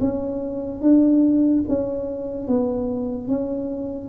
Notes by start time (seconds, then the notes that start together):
0.00 C#4
0.81 D4
1.68 C#4
2.47 B3
3.27 C#4